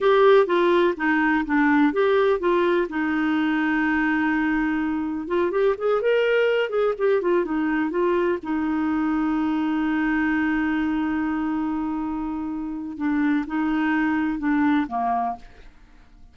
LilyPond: \new Staff \with { instrumentName = "clarinet" } { \time 4/4 \tempo 4 = 125 g'4 f'4 dis'4 d'4 | g'4 f'4 dis'2~ | dis'2. f'8 g'8 | gis'8 ais'4. gis'8 g'8 f'8 dis'8~ |
dis'8 f'4 dis'2~ dis'8~ | dis'1~ | dis'2. d'4 | dis'2 d'4 ais4 | }